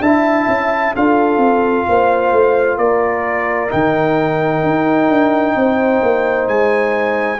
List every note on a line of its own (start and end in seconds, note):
0.00 0.46 D4
0.00 0.95 E4
0.00 0.93 E5
0.00 0.94 A5
0.47 0.93 C#4
0.94 1.37 D4
0.94 3.68 F4
0.94 1.86 A4
0.94 2.77 F5
1.37 1.83 C4
1.88 2.32 A#3
1.88 2.77 C5
2.32 2.77 A3
2.77 3.70 A#3
2.77 5.54 A#4
2.77 3.70 D5
3.68 4.63 D#3
3.68 7.38 D#4
3.68 6.48 G5
4.63 5.08 D#4
5.08 5.54 D4
5.55 6.01 C4
5.55 7.39 C5
6.02 6.47 A#3
6.47 7.39 G#3
6.47 7.39 G#5